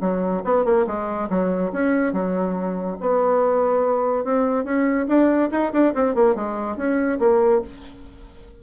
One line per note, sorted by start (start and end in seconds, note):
0.00 0.42 F#3
0.44 0.65 B3
0.65 0.86 A#3
0.86 1.28 G#3
1.29 1.71 F#3
1.72 2.12 C#4
2.12 2.97 F#3
3.00 4.24 B3
4.24 4.64 C4
4.64 5.06 C#4
5.07 5.50 D4
5.51 5.72 D#4
5.72 5.93 D4
5.94 6.14 C4
6.14 6.35 A#3
6.35 6.76 G#3
6.76 7.19 C#4
7.19 7.61 A#3